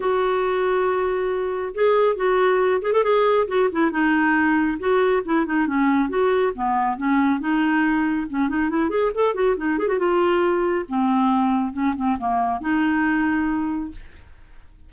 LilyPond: \new Staff \with { instrumentName = "clarinet" } { \time 4/4 \tempo 4 = 138 fis'1 | gis'4 fis'4. gis'16 a'16 gis'4 | fis'8 e'8 dis'2 fis'4 | e'8 dis'8 cis'4 fis'4 b4 |
cis'4 dis'2 cis'8 dis'8 | e'8 gis'8 a'8 fis'8 dis'8 gis'16 fis'16 f'4~ | f'4 c'2 cis'8 c'8 | ais4 dis'2. | }